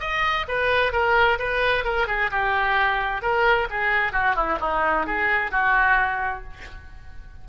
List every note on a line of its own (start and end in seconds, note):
0.00 0.46 D#5
0.48 0.93 B4
0.93 1.39 A#4
1.39 1.84 B4
1.84 2.07 A#4
2.07 2.31 G#4
2.31 3.22 G4
3.22 3.68 A#4
3.70 4.13 G#4
4.13 4.36 F#4
4.36 4.59 E4
4.61 5.06 D#4
5.06 5.52 G#4
5.52 6.44 F#4